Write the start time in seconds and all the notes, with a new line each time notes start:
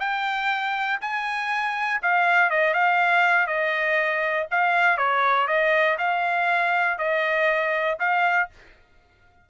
0.00 G5
1.01 G#5
2.02 F5
2.51 D#5
2.74 F5
3.47 D#5
4.51 F5
4.97 C#5
5.47 D#5
5.98 F5
6.98 D#5
8.00 F5